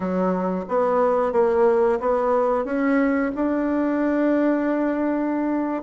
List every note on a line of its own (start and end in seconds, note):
0.00 0.65 F#3
0.68 1.32 B3
1.32 1.98 A#3
2.00 2.64 B3
2.64 3.31 C#4
3.35 5.82 D4